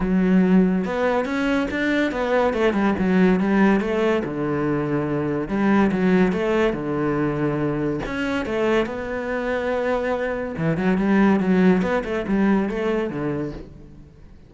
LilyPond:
\new Staff \with { instrumentName = "cello" } { \time 4/4 \tempo 4 = 142 fis2 b4 cis'4 | d'4 b4 a8 g8 fis4 | g4 a4 d2~ | d4 g4 fis4 a4 |
d2. cis'4 | a4 b2.~ | b4 e8 fis8 g4 fis4 | b8 a8 g4 a4 d4 | }